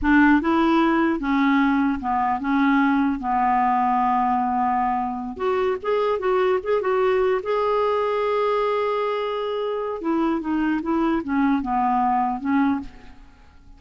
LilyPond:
\new Staff \with { instrumentName = "clarinet" } { \time 4/4 \tempo 4 = 150 d'4 e'2 cis'4~ | cis'4 b4 cis'2 | b1~ | b4. fis'4 gis'4 fis'8~ |
fis'8 gis'8 fis'4. gis'4.~ | gis'1~ | gis'4 e'4 dis'4 e'4 | cis'4 b2 cis'4 | }